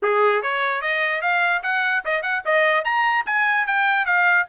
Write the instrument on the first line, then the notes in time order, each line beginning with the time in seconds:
trumpet
0.02 G#4
0.42 C#5
0.81 D#5
1.21 F5
1.63 F#5
2.04 D#5
2.22 F#5
2.45 D#5
2.84 A#5
3.25 G#5
3.66 G5
4.05 F5